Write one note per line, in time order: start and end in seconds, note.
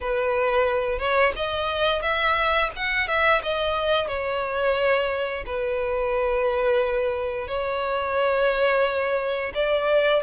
0.01 0.99 B4
0.99 1.33 C#5
1.36 2.02 D#5
2.02 2.70 E5
2.76 3.07 F#5
3.07 3.41 E5
3.42 4.07 D#5
4.07 5.44 C#5
5.45 7.47 B4
7.47 9.52 C#5
9.54 10.22 D5